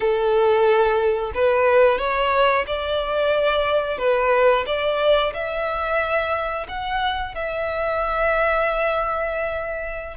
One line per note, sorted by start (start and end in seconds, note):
0.00 1.32 A4
1.34 1.98 B4
1.98 2.65 C#5
2.66 3.98 D5
3.98 4.64 B4
4.66 5.33 D5
5.33 6.67 E5
6.68 7.35 F#5
7.35 10.17 E5